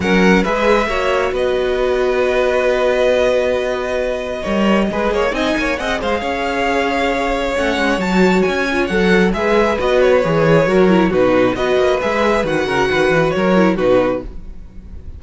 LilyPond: <<
  \new Staff \with { instrumentName = "violin" } { \time 4/4 \tempo 4 = 135 fis''4 e''2 dis''4~ | dis''1~ | dis''1 | gis''4 fis''8 f''2~ f''8~ |
f''4 fis''4 a''4 gis''4 | fis''4 e''4 dis''8 cis''4.~ | cis''4 b'4 dis''4 e''4 | fis''2 cis''4 b'4 | }
  \new Staff \with { instrumentName = "violin" } { \time 4/4 ais'4 b'4 cis''4 b'4~ | b'1~ | b'2 cis''4 b'8 cis''8 | dis''8 cis''8 dis''8 c''8 cis''2~ |
cis''1~ | cis''4 b'2. | ais'4 fis'4 b'2~ | b'8 ais'8 b'4 ais'4 fis'4 | }
  \new Staff \with { instrumentName = "viola" } { \time 4/4 cis'4 gis'4 fis'2~ | fis'1~ | fis'2 ais'4 gis'4 | dis'4 gis'2.~ |
gis'4 cis'4 fis'4. f'8 | a'4 gis'4 fis'4 gis'4 | fis'8 e'8 dis'4 fis'4 gis'4 | fis'2~ fis'8 e'8 dis'4 | }
  \new Staff \with { instrumentName = "cello" } { \time 4/4 fis4 gis4 ais4 b4~ | b1~ | b2 g4 gis8 ais8 | c'8 ais8 c'8 gis8 cis'2~ |
cis'4 a8 gis8 fis4 cis'4 | fis4 gis4 b4 e4 | fis4 b,4 b8 ais8 gis4 | dis8 cis8 dis8 e8 fis4 b,4 | }
>>